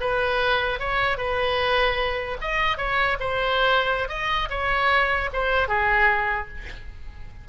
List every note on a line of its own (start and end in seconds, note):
0.00 0.79 B4
0.79 1.17 C#5
1.17 2.37 B4
2.41 2.77 D#5
2.77 3.17 C#5
3.19 4.08 C5
4.08 4.48 D#5
4.49 5.29 C#5
5.33 5.68 C5
5.68 6.48 G#4